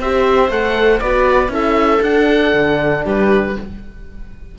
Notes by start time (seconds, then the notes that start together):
0.00 C4 G4 C5 E5
0.50 A3 A4 F#5
1.00 B3 F#4 B4 D5
1.49 C#4 E4 A4 E5
2.02 D4 F#5
2.54 D3
3.05 G3 G4 B4